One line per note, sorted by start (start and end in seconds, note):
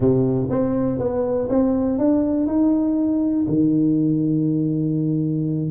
0.00 0.49 C3
0.50 0.98 C4
0.98 1.48 B3
1.49 1.98 C4
1.98 2.46 D4
2.46 3.46 D#4
3.47 5.70 D#3